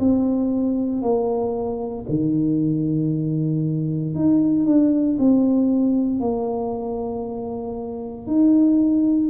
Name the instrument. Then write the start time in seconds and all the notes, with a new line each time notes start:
tuba
0.00 C4
1.03 A#3
2.09 D#3
4.15 D#4
4.66 D4
5.19 C4
6.20 A#3
8.28 D#4